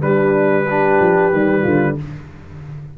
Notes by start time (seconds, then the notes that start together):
0.00 G3 D4 B4
0.65 D4 G4
1.00 F3
1.32 D#3 G3
1.62 D3 F4